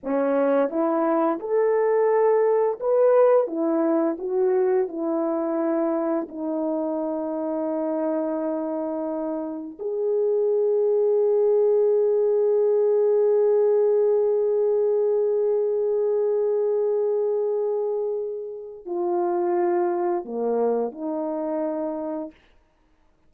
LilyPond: \new Staff \with { instrumentName = "horn" } { \time 4/4 \tempo 4 = 86 cis'4 e'4 a'2 | b'4 e'4 fis'4 e'4~ | e'4 dis'2.~ | dis'2 gis'2~ |
gis'1~ | gis'1~ | gis'2. f'4~ | f'4 ais4 dis'2 | }